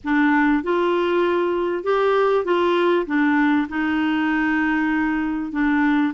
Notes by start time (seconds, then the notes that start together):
0.03 D4
0.63 F4
1.83 G4
2.44 F4
3.06 D4
3.68 D#4
5.52 D4